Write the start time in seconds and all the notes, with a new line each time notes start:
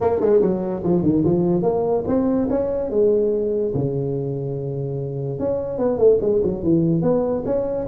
0.00 A#3
0.20 G#3
0.41 F#3
0.83 F3
1.02 D#3
1.25 F3
1.62 A#3
2.07 C4
2.49 C#4
2.90 G#3
3.74 C#3
5.39 C#4
5.78 B3
5.97 A3
6.21 G#3
6.43 F#3
6.63 E3
7.02 B3
7.45 C#4